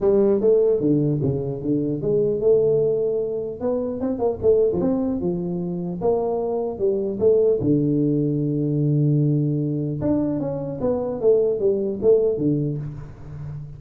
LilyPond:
\new Staff \with { instrumentName = "tuba" } { \time 4/4 \tempo 4 = 150 g4 a4 d4 cis4 | d4 gis4 a2~ | a4 b4 c'8 ais8 a8. f16 | c'4 f2 ais4~ |
ais4 g4 a4 d4~ | d1~ | d4 d'4 cis'4 b4 | a4 g4 a4 d4 | }